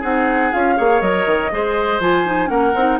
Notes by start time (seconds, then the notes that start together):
0.00 C4 D#4 G#4 F#5
0.52 C#4 F4 F5
0.76 A#3 G#4 C#5
1.01 F#3 A#4 D#5
1.26 D#3
1.51 G#3 G#4 C5
1.99 F3 F4 G#5
2.25 D#4
2.46 A#3 C#4 A#4 F#5
2.74 C4 D#4